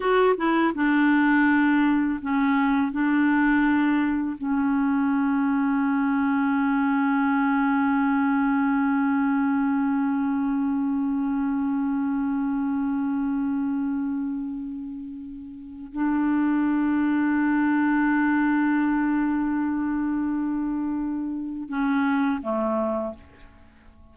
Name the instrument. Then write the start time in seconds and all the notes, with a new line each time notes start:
clarinet
0.00 F#4
0.37 E4
0.75 D4
2.21 C#4
2.92 D4
4.37 C#4
15.92 D4
21.68 C#4
22.42 A3